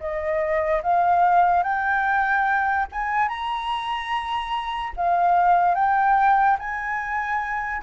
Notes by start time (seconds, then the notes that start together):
0.00 D#5
0.83 F5
1.63 G5
2.92 G#5
3.28 A#5
4.97 F5
5.75 G5
6.59 G#5